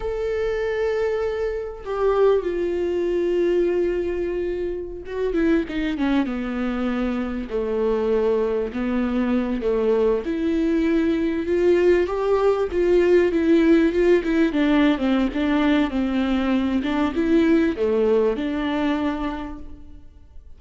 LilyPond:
\new Staff \with { instrumentName = "viola" } { \time 4/4 \tempo 4 = 98 a'2. g'4 | f'1~ | f'16 fis'8 e'8 dis'8 cis'8 b4.~ b16~ | b16 a2 b4. a16~ |
a8. e'2 f'4 g'16~ | g'8. f'4 e'4 f'8 e'8 d'16~ | d'8 c'8 d'4 c'4. d'8 | e'4 a4 d'2 | }